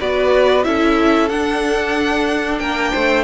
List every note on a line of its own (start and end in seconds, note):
0.00 0.66 B3
0.00 0.64 F#4
0.00 0.65 B4
0.00 0.64 D5
0.64 1.30 C#4
0.64 1.29 E4
0.64 2.62 A4
0.64 1.29 E5
1.29 2.60 D4
1.29 3.24 D4
1.29 2.59 F#5
2.59 2.92 A#3
2.59 2.92 A#4
2.59 3.24 G5
2.92 3.24 A3
2.92 3.24 C5